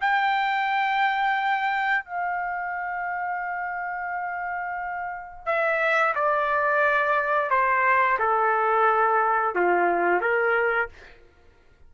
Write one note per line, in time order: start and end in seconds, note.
0.00 2.05 G5
2.05 5.45 F5
5.45 6.14 E5
6.15 7.50 D5
7.50 8.18 C5
8.18 9.55 A4
9.55 10.21 F4
10.21 10.89 A#4